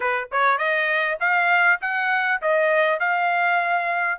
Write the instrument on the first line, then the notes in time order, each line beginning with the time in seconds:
trumpet
0.00 B4
0.31 C#5
0.58 D#5
1.19 F5
1.81 F#5
2.41 D#5
2.99 F5